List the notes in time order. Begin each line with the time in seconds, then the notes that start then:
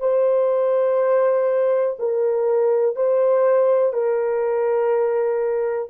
0.00 C5
1.99 A#4
2.96 C5
3.93 A#4